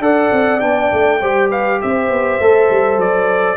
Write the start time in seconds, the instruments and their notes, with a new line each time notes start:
0.00 tuba D4, trombone A4, horn D5, trumpet F#5
0.33 tuba C4
0.60 tuba B3, trombone D4, trumpet G5
0.93 tuba A3
1.22 tuba G3, trombone G4, horn C5
1.50 horn B4, trumpet F5
1.82 tuba C4, horn C5, trumpet E5
2.10 tuba B3
2.40 tuba A3, trombone A4
2.71 tuba G3
2.97 tuba F#3, trumpet D5